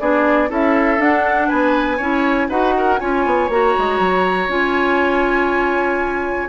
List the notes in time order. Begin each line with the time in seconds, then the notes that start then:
0.00 B3 D4 G#4 D5
0.49 C#4 E4 A4 E5
0.99 D4 F#5
1.48 B3 B4 G#5
1.98 C#4 E4 C#5
2.49 D#4 F#4 B4 F#5
2.78 A#4
3.00 C#4 F4 C#5 G#5
3.26 B3
3.49 A#3 F#4 A#5
3.79 G#3
4.00 F#3
4.48 C#4 F4 G#5